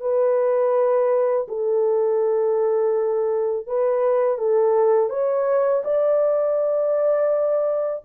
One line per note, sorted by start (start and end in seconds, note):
0.00 1.46 B4
1.48 3.66 A4
3.66 4.38 B4
4.38 5.09 A4
5.09 5.82 C#5
5.84 8.03 D5